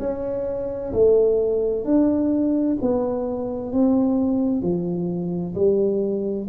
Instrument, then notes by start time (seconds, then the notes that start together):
tuba
0.00 C#4
0.93 A3
1.85 D4
2.82 B3
3.73 C4
4.62 F3
5.55 G3